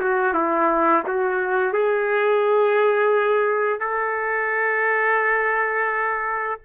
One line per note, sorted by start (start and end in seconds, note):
0.00 0.34 F#4
0.34 1.03 E4
1.07 1.73 F#4
1.73 3.80 G#4
3.80 6.59 A4